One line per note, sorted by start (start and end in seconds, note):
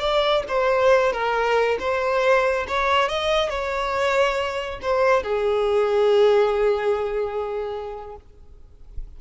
0.00 0.43 D5
0.48 1.13 C5
1.13 1.78 A#4
1.79 2.66 C5
2.68 3.09 C#5
3.09 3.49 D#5
3.49 4.80 C#5
4.82 5.23 C5
5.23 8.16 G#4